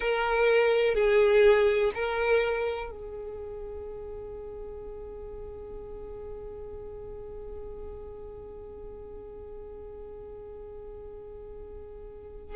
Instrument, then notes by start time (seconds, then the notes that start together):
violin
0.00 A#4
0.95 G#4
1.94 A#4
2.90 G#4